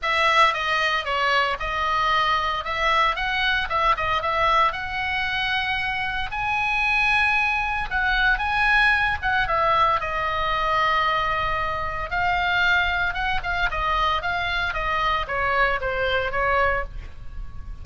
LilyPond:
\new Staff \with { instrumentName = "oboe" } { \time 4/4 \tempo 4 = 114 e''4 dis''4 cis''4 dis''4~ | dis''4 e''4 fis''4 e''8 dis''8 | e''4 fis''2. | gis''2. fis''4 |
gis''4. fis''8 e''4 dis''4~ | dis''2. f''4~ | f''4 fis''8 f''8 dis''4 f''4 | dis''4 cis''4 c''4 cis''4 | }